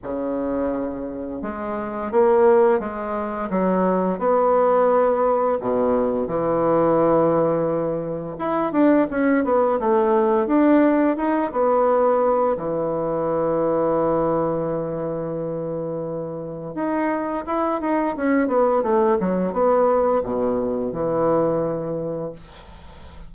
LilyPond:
\new Staff \with { instrumentName = "bassoon" } { \time 4/4 \tempo 4 = 86 cis2 gis4 ais4 | gis4 fis4 b2 | b,4 e2. | e'8 d'8 cis'8 b8 a4 d'4 |
dis'8 b4. e2~ | e1 | dis'4 e'8 dis'8 cis'8 b8 a8 fis8 | b4 b,4 e2 | }